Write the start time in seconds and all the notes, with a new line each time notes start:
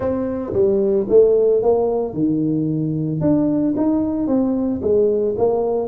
0.00 C4
0.53 G3
1.09 A3
1.62 A#3
2.13 D#3
3.20 D4
3.76 D#4
4.27 C4
4.81 G#3
5.37 A#3